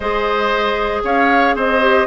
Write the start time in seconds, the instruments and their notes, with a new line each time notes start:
0.00 bassoon G#3, clarinet G#4, oboe C5, flute D#5
1.03 bassoon C#4, oboe C#5, flute F5
1.54 bassoon C4, oboe C5, flute D#5
1.81 clarinet G4